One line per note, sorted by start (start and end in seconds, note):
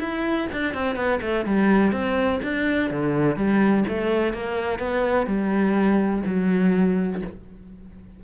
0.00 0.48 E4
0.53 0.74 D4
0.74 0.96 C4
0.96 1.20 B3
1.22 1.46 A3
1.46 1.92 G3
1.92 2.40 C4
2.43 2.91 D4
2.91 3.37 D3
3.37 3.85 G3
3.89 4.34 A3
4.34 4.79 A#3
4.79 5.27 B3
5.27 6.23 G3
6.26 7.22 F#3